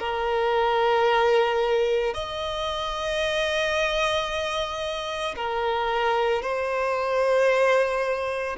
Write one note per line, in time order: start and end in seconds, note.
0.00 2.14 A#4
2.14 5.35 D#5
5.36 6.42 A#4
6.42 8.57 C5